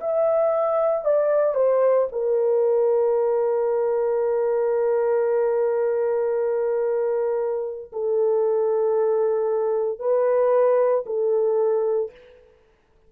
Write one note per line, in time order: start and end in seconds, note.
0.00 1.04 E5
1.04 1.55 D5
1.55 2.07 C5
2.12 7.91 A#4
7.92 9.99 A4
9.99 11.04 B4
11.06 12.11 A4